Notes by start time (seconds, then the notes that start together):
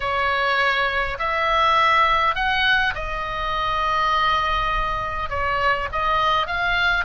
0.00 C#5
1.18 E5
2.35 F#5
2.94 D#5
5.29 C#5
5.92 D#5
6.46 F5